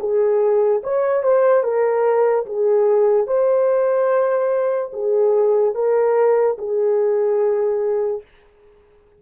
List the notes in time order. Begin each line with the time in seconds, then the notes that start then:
0.00 G#4
0.84 C#5
1.23 C5
1.64 A#4
2.46 G#4
3.28 C5
4.93 G#4
5.75 A#4
6.58 G#4